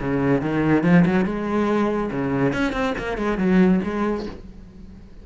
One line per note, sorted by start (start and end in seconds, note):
0.00 0.42 C#3
0.42 0.83 D#3
0.83 1.05 F3
1.05 1.25 F#3
1.25 2.10 G#3
2.11 2.53 C#3
2.53 2.73 C#4
2.73 2.94 C4
2.98 3.18 A#3
3.18 3.38 G#3
3.38 3.80 F#3
3.84 4.26 G#3